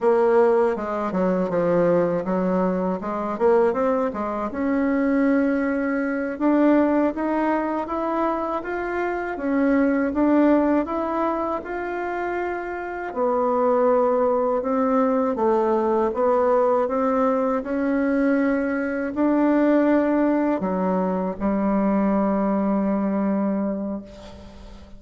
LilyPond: \new Staff \with { instrumentName = "bassoon" } { \time 4/4 \tempo 4 = 80 ais4 gis8 fis8 f4 fis4 | gis8 ais8 c'8 gis8 cis'2~ | cis'8 d'4 dis'4 e'4 f'8~ | f'8 cis'4 d'4 e'4 f'8~ |
f'4. b2 c'8~ | c'8 a4 b4 c'4 cis'8~ | cis'4. d'2 fis8~ | fis8 g2.~ g8 | }